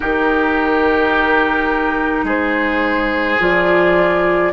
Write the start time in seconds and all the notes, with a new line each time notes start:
0.00 D#3 D#4 G4 A#4
2.23 G#3 G#4 C5
3.39 F3 F4 D5